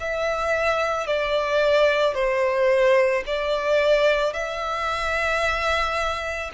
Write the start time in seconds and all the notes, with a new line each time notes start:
0.00 E5
1.07 D5
2.14 C5
3.26 D5
4.33 E5